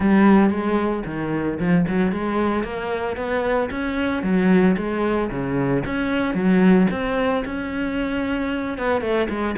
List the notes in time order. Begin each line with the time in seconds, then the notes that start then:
0.00 G3
0.50 G#3
1.05 D#3
1.59 F3
1.87 F#3
2.12 G#3
2.63 A#3
3.16 B3
3.70 C#4
4.22 F#3
4.76 G#3
5.30 C#3
5.85 C#4
6.34 F#3
6.90 C4
7.45 C#4
8.78 B3
9.01 A3
9.29 G#3